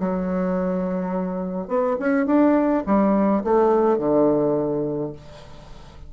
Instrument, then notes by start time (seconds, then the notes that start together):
bassoon
0.00 F#3
1.68 B3
2.00 C#4
2.26 D4
2.87 G3
3.44 A3
3.98 D3